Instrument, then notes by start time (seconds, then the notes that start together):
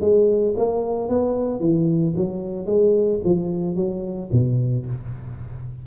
tuba
0.00 G#3
0.56 A#3
1.08 B3
1.59 E3
2.16 F#3
2.66 G#3
3.24 F3
3.75 F#3
4.31 B2